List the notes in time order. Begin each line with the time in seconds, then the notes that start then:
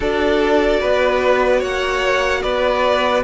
0.00 D4 F#4 A4 D5
0.80 B3 B4
1.59 A#3 C#5 F#5
2.42 B3 B4 D5